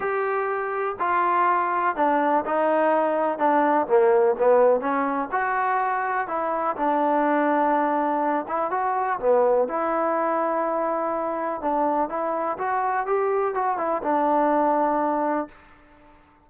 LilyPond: \new Staff \with { instrumentName = "trombone" } { \time 4/4 \tempo 4 = 124 g'2 f'2 | d'4 dis'2 d'4 | ais4 b4 cis'4 fis'4~ | fis'4 e'4 d'2~ |
d'4. e'8 fis'4 b4 | e'1 | d'4 e'4 fis'4 g'4 | fis'8 e'8 d'2. | }